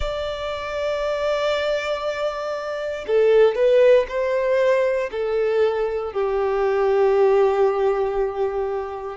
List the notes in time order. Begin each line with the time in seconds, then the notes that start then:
0.00 D5
3.07 A4
3.55 B4
4.08 C5
5.11 A4
6.12 G4